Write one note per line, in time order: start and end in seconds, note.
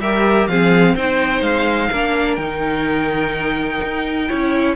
0.00 0.48 G3
0.00 0.50 G4
0.00 0.49 A#4
0.00 0.47 E5
0.47 0.95 F3
0.47 0.97 C4
0.47 0.95 G#4
0.47 0.95 F5
0.95 1.41 C4
0.95 1.92 D#4
0.95 1.90 C5
0.95 1.42 G5
1.41 1.89 G#3
1.41 2.36 F5
1.91 2.38 A#3
1.91 2.40 D4
1.91 4.28 A#4
2.36 3.80 D#3
2.36 4.29 D#4
2.36 4.74 G5
3.83 4.30 D#4
4.28 4.76 C#4
4.28 4.76 E4
4.28 4.76 C#5